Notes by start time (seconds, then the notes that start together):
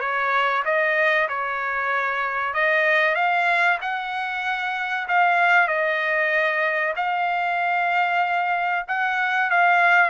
0.00 C#5
0.65 D#5
1.29 C#5
2.53 D#5
3.15 F5
3.81 F#5
5.08 F5
5.68 D#5
6.96 F5
8.88 F#5
9.50 F5